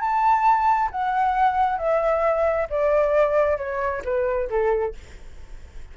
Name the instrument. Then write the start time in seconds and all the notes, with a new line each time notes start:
flute
0.00 A5
0.91 F#5
1.78 E5
2.70 D5
3.57 C#5
4.04 B4
4.50 A4